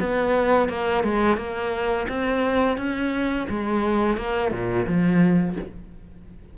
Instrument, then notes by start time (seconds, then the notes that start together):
cello
0.00 B3
0.69 A#3
1.04 G#3
1.37 A#3
2.09 C4
2.77 C#4
3.49 G#3
4.17 A#3
4.52 A#2
4.87 F3